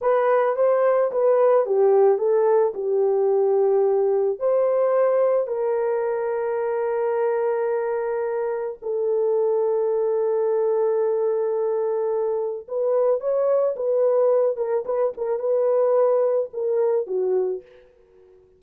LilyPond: \new Staff \with { instrumentName = "horn" } { \time 4/4 \tempo 4 = 109 b'4 c''4 b'4 g'4 | a'4 g'2. | c''2 ais'2~ | ais'1 |
a'1~ | a'2. b'4 | cis''4 b'4. ais'8 b'8 ais'8 | b'2 ais'4 fis'4 | }